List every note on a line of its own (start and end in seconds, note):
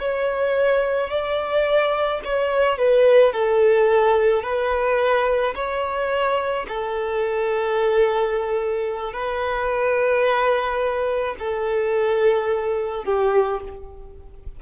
0.00 1.10 C#5
1.10 2.21 D5
2.25 2.78 C#5
2.78 3.33 B4
3.33 4.43 A4
4.43 5.55 B4
5.56 6.67 C#5
6.68 9.13 A4
9.13 11.35 B4
11.39 13.05 A4
13.05 13.61 G4